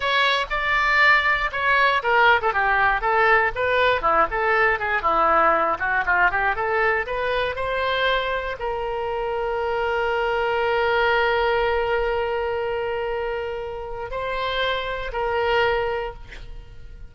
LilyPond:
\new Staff \with { instrumentName = "oboe" } { \time 4/4 \tempo 4 = 119 cis''4 d''2 cis''4 | ais'8. a'16 g'4 a'4 b'4 | e'8 a'4 gis'8 e'4. fis'8 | f'8 g'8 a'4 b'4 c''4~ |
c''4 ais'2.~ | ais'1~ | ais'1 | c''2 ais'2 | }